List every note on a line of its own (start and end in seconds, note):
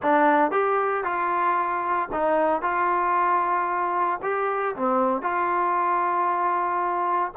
0.02 0.51 D4
0.51 1.04 G4
1.04 2.09 F4
2.12 2.61 D#4
2.61 4.19 F4
4.22 4.75 G4
4.75 5.22 C4
5.22 7.32 F4